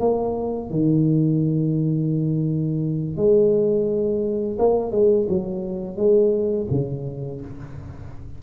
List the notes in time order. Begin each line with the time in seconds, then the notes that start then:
0.00 A#3
0.70 D#3
3.17 G#3
4.59 A#3
4.92 G#3
5.29 F#3
5.97 G#3
6.71 C#3